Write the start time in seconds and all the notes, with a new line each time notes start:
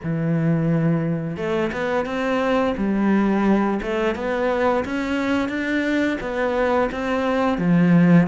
0.03 E3
1.36 A3
1.72 B3
2.05 C4
2.77 G3
3.82 A3
4.15 B3
4.84 C#4
5.48 D4
6.20 B3
6.91 C4
7.58 F3